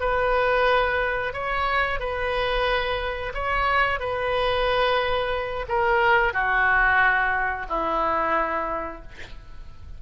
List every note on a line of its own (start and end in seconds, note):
0.00 1.33 B4
1.33 2.00 C#5
2.00 3.33 B4
3.34 4.00 C#5
4.00 5.66 B4
5.68 6.33 A#4
6.33 7.67 F#4
7.69 9.02 E4